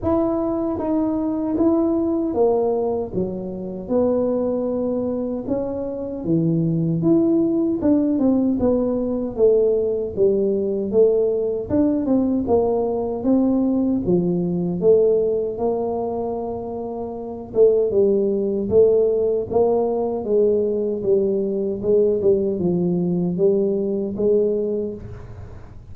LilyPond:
\new Staff \with { instrumentName = "tuba" } { \time 4/4 \tempo 4 = 77 e'4 dis'4 e'4 ais4 | fis4 b2 cis'4 | e4 e'4 d'8 c'8 b4 | a4 g4 a4 d'8 c'8 |
ais4 c'4 f4 a4 | ais2~ ais8 a8 g4 | a4 ais4 gis4 g4 | gis8 g8 f4 g4 gis4 | }